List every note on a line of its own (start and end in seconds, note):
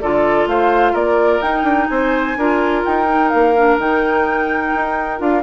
0.00 0.46 D3
0.00 1.42 F4
0.00 0.48 A4
0.00 0.47 D5
0.46 0.93 A3
0.46 0.92 C5
0.46 0.95 F5
0.92 1.41 A#3
0.92 1.87 A#4
0.92 1.41 D5
1.41 1.63 D#4
1.41 2.37 D#4
1.41 1.87 G5
1.63 1.87 D4
1.87 2.37 C4
1.87 2.38 C5
1.87 2.81 G#5
2.37 2.84 D4
2.37 3.06 F4
2.37 5.43 A#4
2.85 3.34 D#4
2.85 3.29 G5
3.06 3.54 D#4
3.29 3.78 A#3
3.29 3.76 F5
3.57 3.80 D4
3.78 4.72 D#3
3.78 5.18 D#4
3.78 5.20 G5
4.75 5.20 D#4
5.18 5.43 D4
5.18 5.42 F4
5.18 5.43 F5